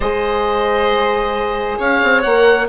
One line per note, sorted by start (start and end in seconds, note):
0.00 1.78 G#3
0.00 2.25 G#4
0.00 1.78 C5
0.00 1.78 D#5
1.78 2.01 C#4
1.78 2.67 C#5
1.78 2.21 F5
2.03 2.25 C4
2.21 2.68 A#3
2.21 2.68 A#4
2.21 2.66 F#5